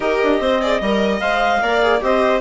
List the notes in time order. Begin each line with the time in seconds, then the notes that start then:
0.00 D#4 G4 A#4 D#5
0.23 D4
0.40 C4 C5
0.61 G#4 D5
0.80 G3 A#4 D#5
1.19 G#3 C5 F5
1.61 A#3 A#4 D5
1.82 G#4
2.00 C4 G4 C5 D#5